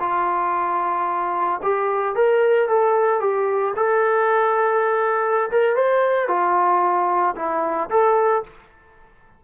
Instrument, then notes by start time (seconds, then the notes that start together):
trombone
0.00 F4
1.63 G4
2.16 A#4
2.69 A4
3.20 G4
3.76 A4
5.51 A#4
5.76 C5
6.28 F4
7.36 E4
7.90 A4